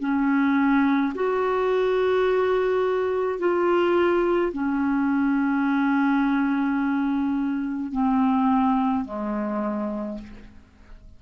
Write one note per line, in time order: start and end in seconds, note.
0.00 1.13 C#4
1.15 3.40 F#4
3.40 4.53 F4
4.53 7.92 C#4
7.92 9.05 C4
9.06 10.19 G#3